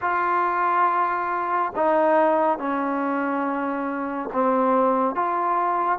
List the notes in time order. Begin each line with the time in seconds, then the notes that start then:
0.01 F4
1.75 D#4
2.58 C#4
4.32 C4
5.15 F4